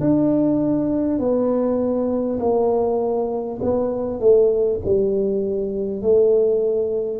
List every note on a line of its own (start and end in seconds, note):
0.00 1.18 D4
1.18 2.38 B3
2.39 3.59 A#3
3.62 4.19 B3
4.19 4.79 A3
4.84 6.01 G3
6.01 7.20 A3